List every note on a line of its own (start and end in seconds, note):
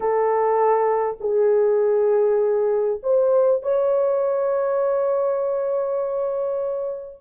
0.00 1.17 A4
1.20 3.00 G#4
3.02 3.62 C5
3.62 7.21 C#5